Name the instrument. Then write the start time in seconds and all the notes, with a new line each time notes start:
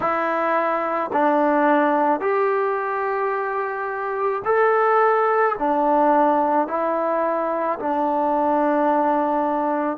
trombone
0.00 E4
1.13 D4
2.20 G4
4.44 A4
5.58 D4
6.67 E4
7.79 D4